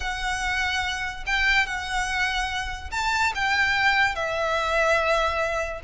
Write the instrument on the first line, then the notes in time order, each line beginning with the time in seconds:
violin
0.00 F#5
1.26 G5
1.66 F#5
2.91 A5
3.34 G5
4.15 E5